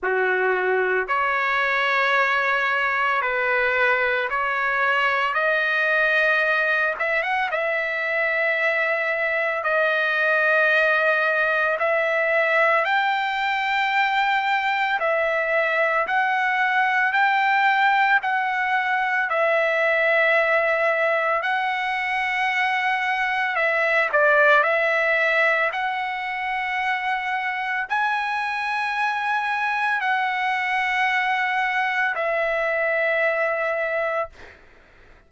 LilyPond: \new Staff \with { instrumentName = "trumpet" } { \time 4/4 \tempo 4 = 56 fis'4 cis''2 b'4 | cis''4 dis''4. e''16 fis''16 e''4~ | e''4 dis''2 e''4 | g''2 e''4 fis''4 |
g''4 fis''4 e''2 | fis''2 e''8 d''8 e''4 | fis''2 gis''2 | fis''2 e''2 | }